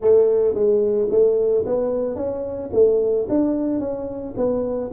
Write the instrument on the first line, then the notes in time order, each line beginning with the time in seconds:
tuba
0.00 A3
0.54 G#3
1.10 A3
1.66 B3
2.15 C#4
2.73 A3
3.29 D4
3.79 C#4
4.36 B3